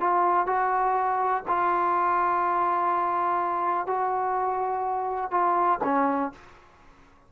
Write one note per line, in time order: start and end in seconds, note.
0.00 0.46 F4
0.46 1.43 F#4
1.48 3.86 F4
3.86 5.30 F#4
5.30 5.79 F4
5.83 6.32 C#4